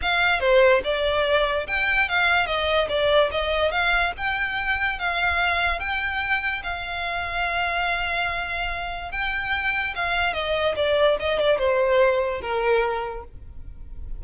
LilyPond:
\new Staff \with { instrumentName = "violin" } { \time 4/4 \tempo 4 = 145 f''4 c''4 d''2 | g''4 f''4 dis''4 d''4 | dis''4 f''4 g''2 | f''2 g''2 |
f''1~ | f''2 g''2 | f''4 dis''4 d''4 dis''8 d''8 | c''2 ais'2 | }